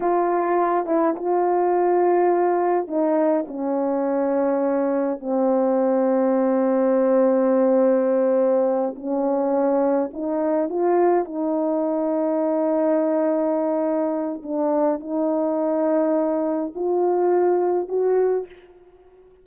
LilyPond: \new Staff \with { instrumentName = "horn" } { \time 4/4 \tempo 4 = 104 f'4. e'8 f'2~ | f'4 dis'4 cis'2~ | cis'4 c'2.~ | c'2.~ c'8 cis'8~ |
cis'4. dis'4 f'4 dis'8~ | dis'1~ | dis'4 d'4 dis'2~ | dis'4 f'2 fis'4 | }